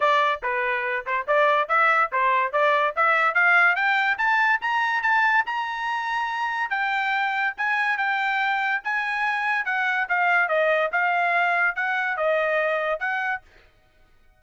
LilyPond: \new Staff \with { instrumentName = "trumpet" } { \time 4/4 \tempo 4 = 143 d''4 b'4. c''8 d''4 | e''4 c''4 d''4 e''4 | f''4 g''4 a''4 ais''4 | a''4 ais''2. |
g''2 gis''4 g''4~ | g''4 gis''2 fis''4 | f''4 dis''4 f''2 | fis''4 dis''2 fis''4 | }